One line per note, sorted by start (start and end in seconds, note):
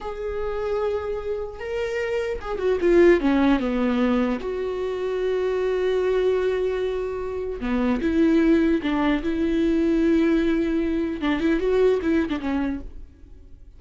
0.01 1.59 G#4
1.59 2.39 A#4
2.41 2.58 G#4
2.58 2.78 F#4
2.80 3.20 F4
3.20 3.59 C#4
3.59 4.39 B3
4.39 7.59 F#4
7.60 8.00 B3
8.01 8.81 E4
8.82 9.22 D4
9.23 11.21 E4
11.21 11.39 D4
11.39 11.59 E4
11.60 12.00 F#4
12.02 12.29 E4
12.29 12.39 D4
12.40 12.80 C#4